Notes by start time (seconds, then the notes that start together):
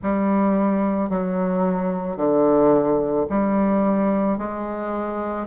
0.02 G3
1.09 F#3
2.16 D3
3.29 G3
4.37 G#3